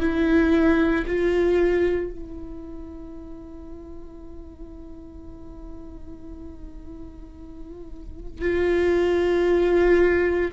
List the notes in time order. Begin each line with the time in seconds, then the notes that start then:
0.00 E4
1.06 F4
2.11 E4
8.41 F4